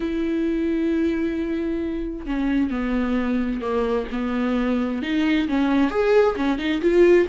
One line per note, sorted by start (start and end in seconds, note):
0.00 2.26 E4
2.26 2.70 C#4
2.70 3.61 B3
3.61 4.06 A#3
4.11 5.02 B3
5.02 5.48 D#4
5.48 5.90 C#4
5.90 6.35 G#4
6.36 6.58 C#4
6.58 6.81 D#4
6.81 7.27 F4